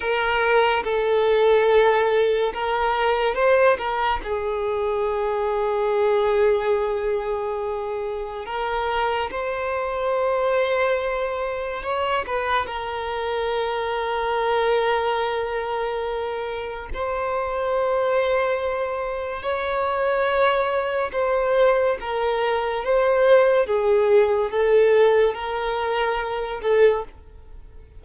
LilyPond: \new Staff \with { instrumentName = "violin" } { \time 4/4 \tempo 4 = 71 ais'4 a'2 ais'4 | c''8 ais'8 gis'2.~ | gis'2 ais'4 c''4~ | c''2 cis''8 b'8 ais'4~ |
ais'1 | c''2. cis''4~ | cis''4 c''4 ais'4 c''4 | gis'4 a'4 ais'4. a'8 | }